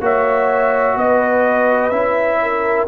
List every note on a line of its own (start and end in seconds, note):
0.00 0.95 A#3
0.00 1.91 F#4
0.00 0.97 C#5
0.00 0.98 E5
0.96 1.91 B3
0.96 2.40 B4
0.96 1.89 D#5
1.89 2.87 C#4
1.89 2.87 E4
1.89 2.84 E5
2.42 2.88 A#4